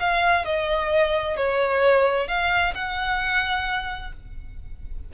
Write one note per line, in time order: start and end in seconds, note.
0.00 0.45 F5
0.45 1.37 D#5
1.37 2.28 C#5
2.28 2.74 F5
2.75 4.12 F#5